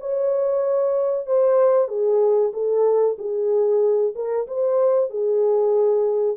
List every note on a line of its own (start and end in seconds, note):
0.00 1.26 C#5
1.26 1.88 C5
1.88 2.52 G#4
2.53 3.17 A4
3.18 4.14 G#4
4.15 4.47 A#4
4.47 5.10 C5
5.10 6.37 G#4